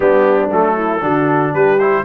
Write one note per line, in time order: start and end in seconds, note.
0.00 0.51 G3
0.00 0.50 B3
0.00 0.74 D4
0.00 0.50 G4
0.51 1.02 F#3
0.51 1.00 A3
0.51 1.53 A4
0.74 1.00 E4
1.00 1.53 D3
1.00 1.77 D4
1.00 1.52 F#4
1.52 2.04 G3
1.52 2.04 G4
1.52 1.78 B4
1.78 2.04 E4
1.78 2.04 C5